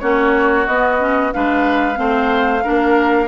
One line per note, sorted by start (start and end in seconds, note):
0.00 0.67 A#3
0.00 0.66 C#4
0.00 1.34 F#4
0.00 0.66 C#5
0.66 1.33 B3
0.66 0.99 B3
0.66 1.32 D#5
0.99 1.32 C#4
1.33 1.98 G#3
1.33 1.95 D4
1.33 1.99 B4
1.33 3.28 F5
1.95 2.64 A3
1.95 2.61 C4
1.95 2.64 C5
2.64 3.28 A#3
2.64 3.28 D4
2.64 3.28 A#4